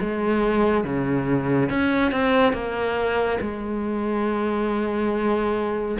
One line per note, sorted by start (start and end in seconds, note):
0.00 0.84 G#3
0.84 1.69 C#3
1.69 2.12 C#4
2.12 2.53 C4
2.53 3.39 A#3
3.41 5.98 G#3